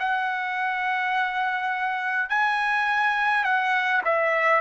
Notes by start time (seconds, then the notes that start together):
0.00 F#5
2.30 G#5
3.45 F#5
4.05 E5